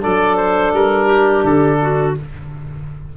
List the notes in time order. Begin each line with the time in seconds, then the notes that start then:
0.00 F#3 D4 A4 D5
0.36 C5
0.72 G3 A#4
1.06 G4
1.44 D3 A4
1.81 F#4